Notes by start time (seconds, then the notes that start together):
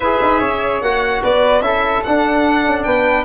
0.00 E4 G#4 B4 E5
0.21 D#4
0.39 C#4 C#5
0.81 A#3 F#4 F#5
1.21 B3 B4 D5
1.60 C#4 E4 A4 E5
2.03 D4 F#5
2.65 C#4
2.83 B3 B4 G5